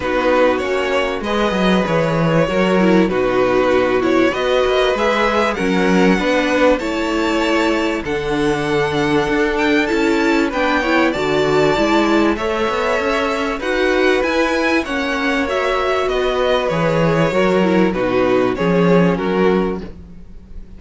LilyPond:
<<
  \new Staff \with { instrumentName = "violin" } { \time 4/4 \tempo 4 = 97 b'4 cis''4 dis''4 cis''4~ | cis''4 b'4. cis''8 dis''4 | e''4 fis''2 a''4~ | a''4 fis''2~ fis''8 g''8 |
a''4 g''4 a''2 | e''2 fis''4 gis''4 | fis''4 e''4 dis''4 cis''4~ | cis''4 b'4 cis''4 ais'4 | }
  \new Staff \with { instrumentName = "violin" } { \time 4/4 fis'2 b'2 | ais'4 fis'2 b'4~ | b'4 ais'4 b'4 cis''4~ | cis''4 a'2.~ |
a'4 b'8 cis''8 d''2 | cis''2 b'2 | cis''2 b'2 | ais'4 fis'4 gis'4 fis'4 | }
  \new Staff \with { instrumentName = "viola" } { \time 4/4 dis'4 cis'4 gis'2 | fis'8 e'8 dis'4. e'8 fis'4 | gis'4 cis'4 d'4 e'4~ | e'4 d'2. |
e'4 d'8 e'8 fis'4 e'4 | a'2 fis'4 e'4 | cis'4 fis'2 gis'4 | fis'8 e'8 dis'4 cis'2 | }
  \new Staff \with { instrumentName = "cello" } { \time 4/4 b4 ais4 gis8 fis8 e4 | fis4 b,2 b8 ais8 | gis4 fis4 b4 a4~ | a4 d2 d'4 |
cis'4 b4 d4 gis4 | a8 b8 cis'4 dis'4 e'4 | ais2 b4 e4 | fis4 b,4 f4 fis4 | }
>>